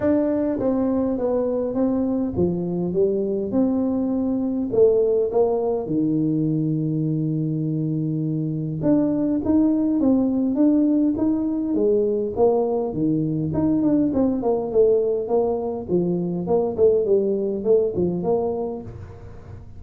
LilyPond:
\new Staff \with { instrumentName = "tuba" } { \time 4/4 \tempo 4 = 102 d'4 c'4 b4 c'4 | f4 g4 c'2 | a4 ais4 dis2~ | dis2. d'4 |
dis'4 c'4 d'4 dis'4 | gis4 ais4 dis4 dis'8 d'8 | c'8 ais8 a4 ais4 f4 | ais8 a8 g4 a8 f8 ais4 | }